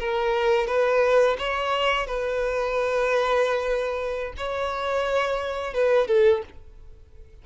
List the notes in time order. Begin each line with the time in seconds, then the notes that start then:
0.00 A#4
0.67 B4
1.39 C#5
2.07 B4
4.37 C#5
5.74 B4
6.08 A4